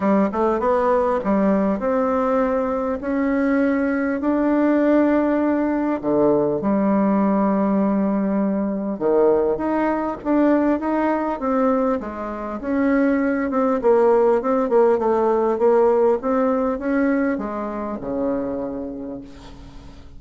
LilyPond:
\new Staff \with { instrumentName = "bassoon" } { \time 4/4 \tempo 4 = 100 g8 a8 b4 g4 c'4~ | c'4 cis'2 d'4~ | d'2 d4 g4~ | g2. dis4 |
dis'4 d'4 dis'4 c'4 | gis4 cis'4. c'8 ais4 | c'8 ais8 a4 ais4 c'4 | cis'4 gis4 cis2 | }